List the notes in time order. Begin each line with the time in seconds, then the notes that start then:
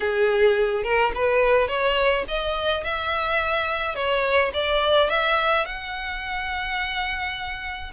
0.00 G#4
0.83 A#4
1.14 B4
1.68 C#5
2.27 D#5
2.84 E5
3.95 C#5
4.53 D5
5.09 E5
5.65 F#5